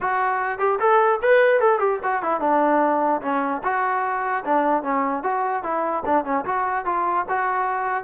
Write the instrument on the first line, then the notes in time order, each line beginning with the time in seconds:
trombone
0.01 F#4
0.58 G4
0.79 A4
1.22 B4
1.60 A4
1.79 G4
2.03 F#4
2.22 E4
2.40 D4
3.21 C#4
3.63 F#4
4.44 D4
4.82 C#4
5.23 F#4
5.63 E4
6.05 D4
6.24 C#4
6.45 F#4
6.85 F4
7.28 F#4